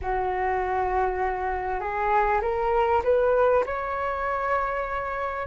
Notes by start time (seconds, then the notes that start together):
0.01 F#4
1.80 G#4
2.41 A#4
3.03 B4
3.66 C#5